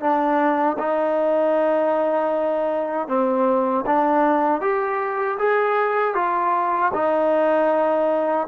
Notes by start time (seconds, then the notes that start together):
0.00 D4
0.78 D#4
3.07 C4
3.86 D4
4.60 G4
5.38 G#4
6.14 F4
6.93 D#4